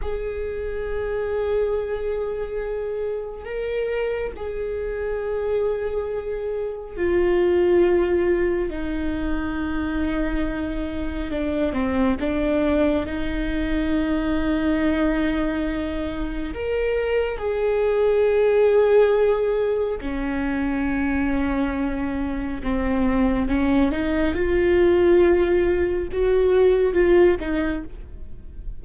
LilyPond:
\new Staff \with { instrumentName = "viola" } { \time 4/4 \tempo 4 = 69 gis'1 | ais'4 gis'2. | f'2 dis'2~ | dis'4 d'8 c'8 d'4 dis'4~ |
dis'2. ais'4 | gis'2. cis'4~ | cis'2 c'4 cis'8 dis'8 | f'2 fis'4 f'8 dis'8 | }